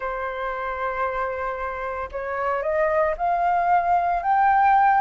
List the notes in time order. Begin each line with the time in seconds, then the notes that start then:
0.00 C5
2.11 C#5
2.62 D#5
3.17 F5
4.22 G5